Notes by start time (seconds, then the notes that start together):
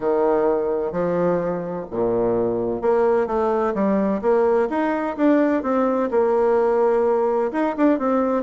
0.00 D#3
0.91 F3
1.91 A#2
2.81 A#3
3.26 A3
3.74 G3
4.21 A#3
4.69 D#4
5.16 D4
5.62 C4
6.11 A#3
7.52 D#4
7.76 D4
7.99 C4